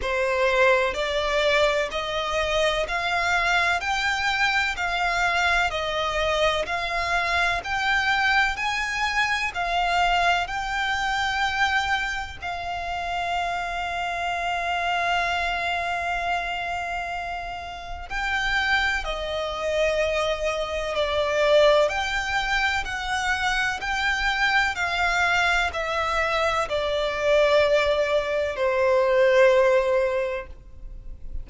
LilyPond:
\new Staff \with { instrumentName = "violin" } { \time 4/4 \tempo 4 = 63 c''4 d''4 dis''4 f''4 | g''4 f''4 dis''4 f''4 | g''4 gis''4 f''4 g''4~ | g''4 f''2.~ |
f''2. g''4 | dis''2 d''4 g''4 | fis''4 g''4 f''4 e''4 | d''2 c''2 | }